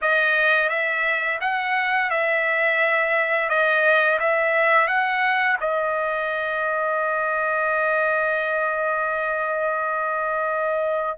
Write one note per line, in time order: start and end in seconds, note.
0.01 0.69 D#5
0.69 1.39 E5
1.40 2.10 F#5
2.10 3.49 E5
3.49 4.19 D#5
4.19 4.87 E5
4.87 5.57 F#5
5.60 11.18 D#5